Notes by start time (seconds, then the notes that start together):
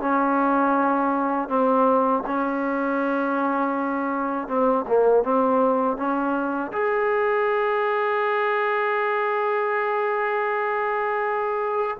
0.00 C#4
1.48 C4
2.26 C#4
4.47 C4
4.87 A#3
5.23 C4
5.96 C#4
6.72 G#4